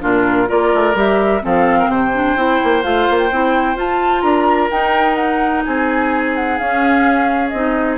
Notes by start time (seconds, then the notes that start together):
0.00 A#2 D4 F4 A#4
0.47 A#3 F4 A#4 D5
0.74 A3
0.94 G3 G4 E5
1.41 F3 C4 A4 F5
1.79 A#4
1.87 C3 C5 G5
2.13 D4
2.36 C4 E4
2.64 A#3
2.82 A3 F4 F5
3.10 A#3
3.18 G5
3.31 C4 E4
3.76 F4 A5
4.21 D4 A#4 A#5
4.71 D#4 G5
5.15 F#5
5.65 C4 G#4 G#5
6.35 F#5
6.58 C#4 F5
7.48 C4 D#4 D#5